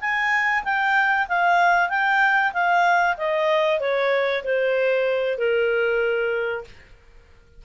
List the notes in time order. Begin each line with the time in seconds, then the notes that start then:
0.00 G#5
0.64 G5
1.28 F5
1.89 G5
2.53 F5
3.17 D#5
3.80 C#5
4.44 C5
5.38 A#4